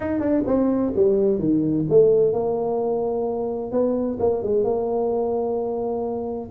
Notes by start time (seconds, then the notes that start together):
0.00 D#4
0.20 D4
0.46 C4
0.96 G3
1.38 D#3
1.89 A3
2.33 A#3
3.71 B3
4.19 A#3
4.42 G#3
4.63 A#3